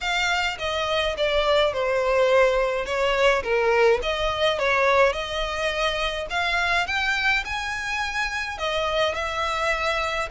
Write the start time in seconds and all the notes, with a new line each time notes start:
0.00 F5
0.58 D#5
1.17 D5
1.73 C5
2.85 C#5
3.43 A#4
4.02 D#5
4.58 C#5
5.12 D#5
6.30 F5
6.86 G5
7.44 G#5
8.58 D#5
9.14 E5